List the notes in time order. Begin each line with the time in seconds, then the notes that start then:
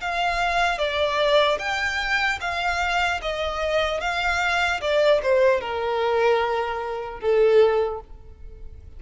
0.00 F5
0.78 D5
1.59 G5
2.40 F5
3.21 D#5
4.00 F5
4.81 D5
5.22 C5
5.60 A#4
7.20 A4